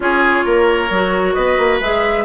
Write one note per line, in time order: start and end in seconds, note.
0.00 0.42 C#4
0.00 0.89 F4
0.00 0.45 G#4
0.00 1.33 C#5
0.45 0.89 A#3
0.45 1.34 A#4
0.89 1.35 F#3
0.89 1.82 F#4
1.33 1.58 B3
1.33 2.25 B4
1.33 1.78 D#5
1.58 1.80 A#3
1.80 2.25 G#3
1.80 2.25 G#4
1.80 2.25 E5